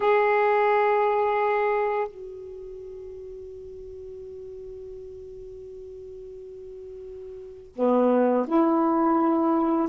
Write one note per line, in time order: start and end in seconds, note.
0.00 2.07 G#4
2.07 7.72 F#4
7.75 8.46 B3
8.47 9.88 E4